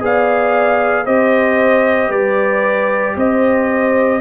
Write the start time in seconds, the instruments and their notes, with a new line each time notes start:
0.00 tuba B3, trombone G#4, horn D5, trumpet F5
1.05 tuba C4, trombone G4, horn C5, trumpet D#5
2.09 tuba G3, horn B4, trumpet D5
3.16 tuba C4, horn C5, trumpet D#5